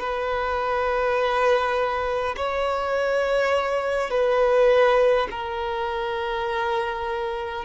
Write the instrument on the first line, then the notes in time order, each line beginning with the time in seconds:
violin
0.00 B4
2.37 C#5
4.11 B4
5.31 A#4